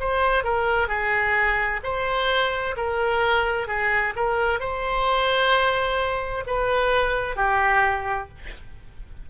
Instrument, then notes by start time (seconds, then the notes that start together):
oboe
0.00 C5
0.44 A#4
0.88 G#4
1.83 C5
2.77 A#4
3.68 G#4
4.16 A#4
4.60 C5
6.47 B4
7.36 G4